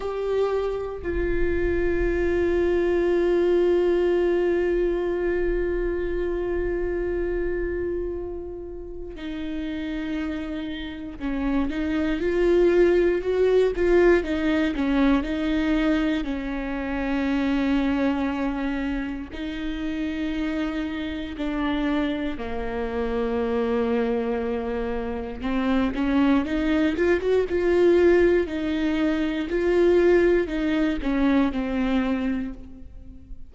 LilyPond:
\new Staff \with { instrumentName = "viola" } { \time 4/4 \tempo 4 = 59 g'4 f'2.~ | f'1~ | f'4 dis'2 cis'8 dis'8 | f'4 fis'8 f'8 dis'8 cis'8 dis'4 |
cis'2. dis'4~ | dis'4 d'4 ais2~ | ais4 c'8 cis'8 dis'8 f'16 fis'16 f'4 | dis'4 f'4 dis'8 cis'8 c'4 | }